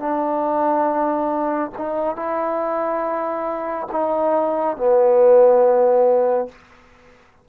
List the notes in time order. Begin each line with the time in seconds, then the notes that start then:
0.00 D4
1.78 D#4
2.16 E4
3.92 D#4
4.77 B3